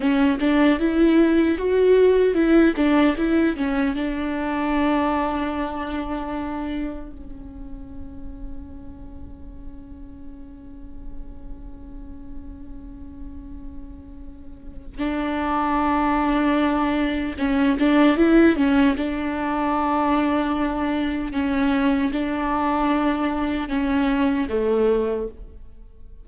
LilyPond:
\new Staff \with { instrumentName = "viola" } { \time 4/4 \tempo 4 = 76 cis'8 d'8 e'4 fis'4 e'8 d'8 | e'8 cis'8 d'2.~ | d'4 cis'2.~ | cis'1~ |
cis'2. d'4~ | d'2 cis'8 d'8 e'8 cis'8 | d'2. cis'4 | d'2 cis'4 a4 | }